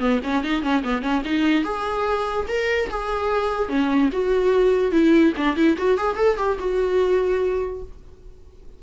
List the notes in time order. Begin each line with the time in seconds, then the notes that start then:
0.00 B3
0.24 C#4
0.44 D#4
0.63 C#4
0.84 B3
1.02 C#4
1.25 D#4
1.65 G#4
2.49 A#4
2.91 G#4
3.69 C#4
4.13 F#4
4.92 E4
5.37 D4
5.57 E4
5.78 F#4
5.98 G#4
6.17 A4
6.38 G4
6.60 F#4